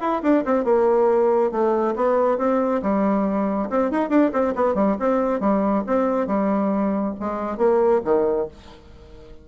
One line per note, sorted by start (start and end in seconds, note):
0.00 0.22 E4
0.22 0.44 D4
0.45 0.64 C4
0.64 1.51 A#3
1.51 1.94 A3
1.95 2.38 B3
2.38 2.81 C4
2.82 3.69 G3
3.69 3.91 C4
3.91 4.09 D#4
4.09 4.31 D4
4.32 4.54 C4
4.55 4.75 B3
4.75 4.96 G3
4.99 5.40 C4
5.40 5.83 G3
5.86 6.27 C4
6.27 7.14 G3
7.19 7.57 G#3
7.57 8.01 A#3
8.04 8.48 D#3